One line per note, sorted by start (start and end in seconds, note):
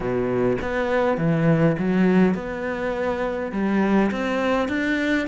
0.00 0.57 B2
0.61 1.17 B3
1.17 1.76 E3
1.78 2.34 F#3
2.34 3.51 B3
3.51 4.10 G3
4.11 4.68 C4
4.68 5.27 D4